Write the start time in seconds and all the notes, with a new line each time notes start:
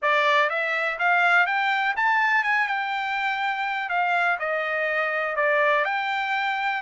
0.02 D5
0.49 E5
0.98 F5
1.46 G5
1.96 A5
2.43 G#5
2.67 G5
3.89 F5
4.39 D#5
5.36 D5
5.84 G5